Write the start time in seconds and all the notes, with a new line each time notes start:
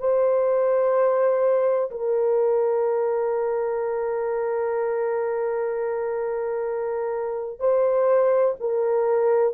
0.00 C5
1.91 A#4
7.60 C5
8.60 A#4